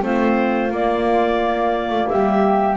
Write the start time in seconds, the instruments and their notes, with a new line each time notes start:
0.00 double bass A3, clarinet C4 C5, flute F4
0.70 double bass A#3, clarinet A#3 D5
1.89 double bass A3
2.08 double bass G3, flute G4, clarinet E5